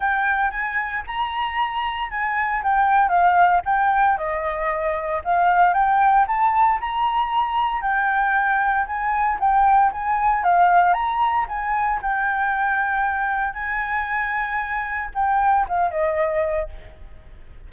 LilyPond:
\new Staff \with { instrumentName = "flute" } { \time 4/4 \tempo 4 = 115 g''4 gis''4 ais''2 | gis''4 g''4 f''4 g''4 | dis''2 f''4 g''4 | a''4 ais''2 g''4~ |
g''4 gis''4 g''4 gis''4 | f''4 ais''4 gis''4 g''4~ | g''2 gis''2~ | gis''4 g''4 f''8 dis''4. | }